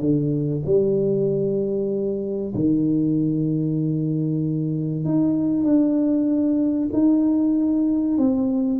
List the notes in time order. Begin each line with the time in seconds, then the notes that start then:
0.00 D3
0.66 G3
2.55 D#3
5.05 D#4
5.63 D4
6.93 D#4
8.18 C4